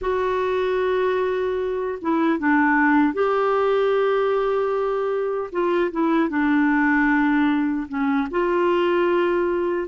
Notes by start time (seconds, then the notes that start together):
0.01 F#4
2.01 E4
2.39 D4
3.13 G4
5.52 F4
5.91 E4
6.29 D4
7.88 C#4
8.30 F4